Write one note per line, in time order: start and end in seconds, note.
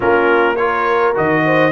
0.00 1.16 A#3
0.00 0.56 C#4
0.00 0.57 F4
0.00 0.55 A#4
0.55 1.14 F4
0.55 1.44 A#4
0.55 1.13 C#5
1.14 1.72 D#3
1.14 1.71 F#4
1.14 1.72 D#5
1.45 1.72 C5